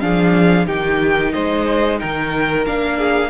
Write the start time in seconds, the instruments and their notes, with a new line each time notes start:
0.00 cello F3, viola D4, violin G#4 F5
0.66 cello D#3, viola D#4, violin G4 G5
1.33 cello G#3, violin C5 D#5
1.99 cello D#3, violin A#4 G5
2.66 cello A#3, viola D4, violin F5
2.98 violin G#4